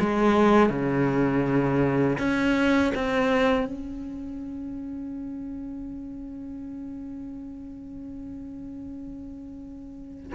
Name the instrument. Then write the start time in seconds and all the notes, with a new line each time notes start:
cello
0.00 G#3
0.70 C#3
2.19 C#4
2.95 C4
3.66 C#4